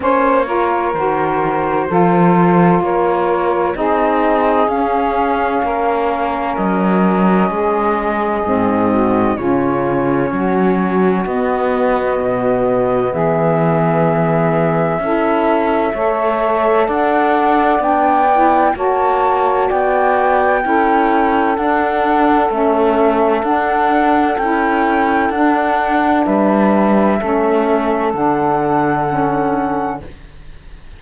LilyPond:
<<
  \new Staff \with { instrumentName = "flute" } { \time 4/4 \tempo 4 = 64 cis''4 c''2 cis''4 | dis''4 f''2 dis''4~ | dis''2 cis''2 | dis''2 e''2~ |
e''2 fis''4 g''4 | a''4 g''2 fis''4 | e''4 fis''4 g''4 fis''4 | e''2 fis''2 | }
  \new Staff \with { instrumentName = "saxophone" } { \time 4/4 c''8 ais'4. a'4 ais'4 | gis'2 ais'2 | gis'4. fis'8 f'4 fis'4~ | fis'2 gis'2 |
a'4 cis''4 d''2 | cis''4 d''4 a'2~ | a'1 | b'4 a'2. | }
  \new Staff \with { instrumentName = "saxophone" } { \time 4/4 cis'8 f'8 fis'4 f'2 | dis'4 cis'2.~ | cis'4 c'4 cis'2 | b1 |
e'4 a'2 d'8 e'8 | fis'2 e'4 d'4 | cis'4 d'4 e'4 d'4~ | d'4 cis'4 d'4 cis'4 | }
  \new Staff \with { instrumentName = "cello" } { \time 4/4 ais4 dis4 f4 ais4 | c'4 cis'4 ais4 fis4 | gis4 gis,4 cis4 fis4 | b4 b,4 e2 |
cis'4 a4 d'4 b4 | ais4 b4 cis'4 d'4 | a4 d'4 cis'4 d'4 | g4 a4 d2 | }
>>